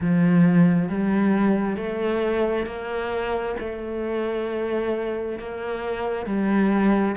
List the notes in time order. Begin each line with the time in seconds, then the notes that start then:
0.00 F3
0.88 G3
1.76 A3
2.65 A#3
3.59 A3
5.38 A#3
6.26 G3